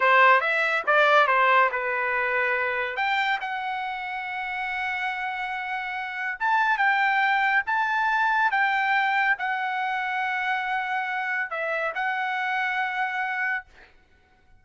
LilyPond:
\new Staff \with { instrumentName = "trumpet" } { \time 4/4 \tempo 4 = 141 c''4 e''4 d''4 c''4 | b'2. g''4 | fis''1~ | fis''2. a''4 |
g''2 a''2 | g''2 fis''2~ | fis''2. e''4 | fis''1 | }